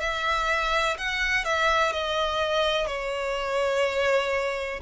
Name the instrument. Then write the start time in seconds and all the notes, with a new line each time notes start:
violin
0.00 E5
0.98 F#5
1.44 E5
1.92 D#5
2.86 C#5